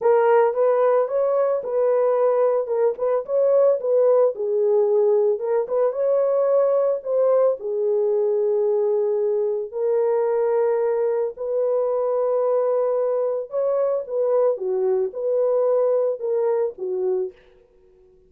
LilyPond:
\new Staff \with { instrumentName = "horn" } { \time 4/4 \tempo 4 = 111 ais'4 b'4 cis''4 b'4~ | b'4 ais'8 b'8 cis''4 b'4 | gis'2 ais'8 b'8 cis''4~ | cis''4 c''4 gis'2~ |
gis'2 ais'2~ | ais'4 b'2.~ | b'4 cis''4 b'4 fis'4 | b'2 ais'4 fis'4 | }